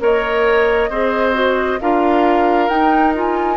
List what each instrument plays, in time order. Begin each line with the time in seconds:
0.00 bassoon A#3, clarinet A#4, oboe C#5, flute D#5
0.90 bassoon C4, clarinet G#4, oboe C5
1.34 clarinet F#4
1.81 bassoon D4, clarinet F4, oboe A#4, flute F5
2.69 bassoon D#4, clarinet D#4, flute G5
3.15 clarinet F4, flute G#5